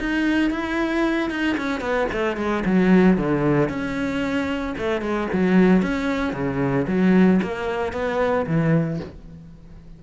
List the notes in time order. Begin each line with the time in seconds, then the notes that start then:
0.00 D#4
0.51 E4
1.31 D#4
1.58 C#4
1.81 B3
2.13 A3
2.37 G#3
2.66 F#3
3.18 D3
3.69 C#4
4.78 A3
5.02 G#3
5.33 F#3
5.83 C#4
6.34 C#3
6.88 F#3
7.43 A#3
7.93 B3
8.47 E3